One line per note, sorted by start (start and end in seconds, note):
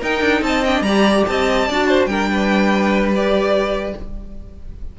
0.00 0.64 D#4
0.00 0.21 D#4
0.00 0.42 A#4
0.00 0.43 G5
0.21 0.41 D4
0.41 0.81 C4
0.41 0.85 D#5
0.41 0.64 A5
0.64 0.86 D4
0.64 0.82 G5
0.81 1.23 G3
0.81 1.70 G4
0.81 1.26 D5
0.81 1.23 A#5
1.26 1.70 C4
1.26 1.68 D#5
1.26 2.06 A5
1.68 2.06 D4
1.68 2.09 F#4
1.68 1.88 D5
1.88 2.09 C5
2.06 3.94 G3
2.06 3.13 D4
2.06 2.30 A#4
2.06 3.10 G5
2.30 3.97 B4
3.14 3.99 G4
3.14 3.98 D5